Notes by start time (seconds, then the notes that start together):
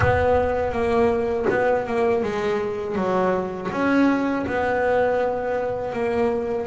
0.00 B3
0.72 A#3
1.49 B3
1.86 A#3
2.22 G#3
2.95 F#3
3.71 C#4
4.46 B3
5.93 A#3